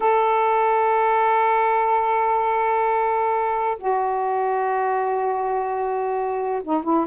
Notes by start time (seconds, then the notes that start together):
0.00 A4
3.78 F#4
6.63 D#4
6.83 E4